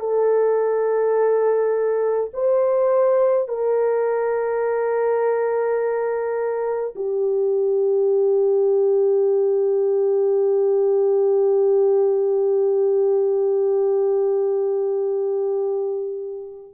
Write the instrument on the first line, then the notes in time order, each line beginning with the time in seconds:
horn
0.00 A4
2.34 C5
3.49 A#4
6.95 G4